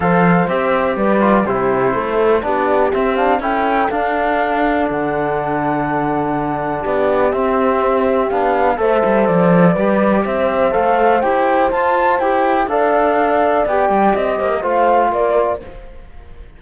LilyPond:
<<
  \new Staff \with { instrumentName = "flute" } { \time 4/4 \tempo 4 = 123 f''4 e''4 d''4 c''4~ | c''4 d''4 e''8 f''8 g''4 | f''2 fis''2~ | fis''2 d''4 e''4~ |
e''4 f''4 e''4 d''4~ | d''4 e''4 f''4 g''4 | a''4 g''4 f''2 | g''4 dis''4 f''4 d''4 | }
  \new Staff \with { instrumentName = "horn" } { \time 4/4 c''2 b'4 g'4 | a'4 g'2 a'4~ | a'1~ | a'2 g'2~ |
g'2 c''2 | b'4 c''2.~ | c''2 d''2~ | d''4. c''16 ais'16 c''4 ais'4 | }
  \new Staff \with { instrumentName = "trombone" } { \time 4/4 a'4 g'4. f'8 e'4~ | e'4 d'4 c'8 d'8 e'4 | d'1~ | d'2. c'4~ |
c'4 d'4 a'2 | g'2 a'4 g'4 | f'4 g'4 a'2 | g'2 f'2 | }
  \new Staff \with { instrumentName = "cello" } { \time 4/4 f4 c'4 g4 c4 | a4 b4 c'4 cis'4 | d'2 d2~ | d2 b4 c'4~ |
c'4 b4 a8 g8 f4 | g4 c'4 a4 e'4 | f'4 e'4 d'2 | b8 g8 c'8 ais8 a4 ais4 | }
>>